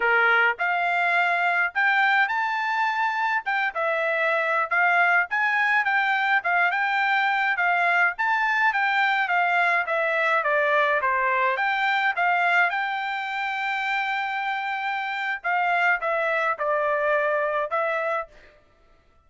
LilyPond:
\new Staff \with { instrumentName = "trumpet" } { \time 4/4 \tempo 4 = 105 ais'4 f''2 g''4 | a''2 g''8 e''4.~ | e''16 f''4 gis''4 g''4 f''8 g''16~ | g''4~ g''16 f''4 a''4 g''8.~ |
g''16 f''4 e''4 d''4 c''8.~ | c''16 g''4 f''4 g''4.~ g''16~ | g''2. f''4 | e''4 d''2 e''4 | }